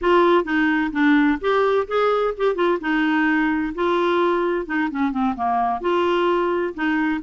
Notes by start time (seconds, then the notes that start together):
0.01 F4
0.44 D#4
0.92 D4
1.40 G4
1.87 G#4
2.37 G4
2.55 F4
2.80 D#4
3.74 F4
4.66 D#4
4.91 C#4
5.11 C4
5.35 A#3
5.81 F4
6.74 D#4